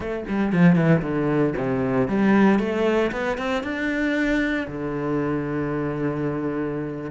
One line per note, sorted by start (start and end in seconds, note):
0.00 0.24 A3
0.28 0.52 G3
0.52 0.75 F3
0.75 1.01 E3
1.02 1.54 D3
1.57 2.08 C3
2.08 2.59 G3
2.59 3.11 A3
3.11 3.37 B3
3.37 3.63 C4
3.63 4.66 D4
4.67 7.10 D3